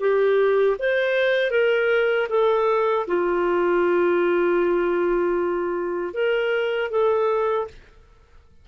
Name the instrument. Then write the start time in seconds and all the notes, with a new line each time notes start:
clarinet
0.00 G4
0.79 C5
1.51 A#4
2.30 A4
3.07 F4
6.14 A#4
6.91 A4